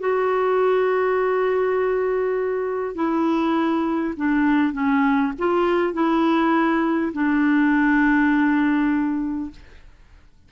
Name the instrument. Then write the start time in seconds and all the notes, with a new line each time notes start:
clarinet
0.00 F#4
2.95 E4
4.17 D4
4.73 C#4
5.39 F4
5.94 E4
7.13 D4